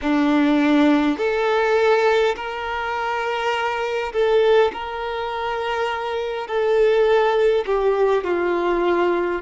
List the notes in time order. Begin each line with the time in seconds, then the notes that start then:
0.01 D4
1.17 A4
2.35 A#4
4.12 A4
4.73 A#4
6.47 A4
7.65 G4
8.24 F4